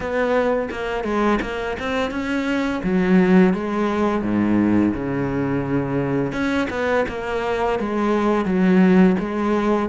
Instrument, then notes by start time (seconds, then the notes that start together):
cello
0.00 B3
0.71 A#3
1.04 G#3
1.41 A#3
1.79 C4
2.10 C#4
2.83 F#3
3.53 G#3
4.22 G#2
4.93 C#3
6.32 C#4
6.70 B3
7.08 A#3
7.79 G#3
8.45 F#3
9.19 G#3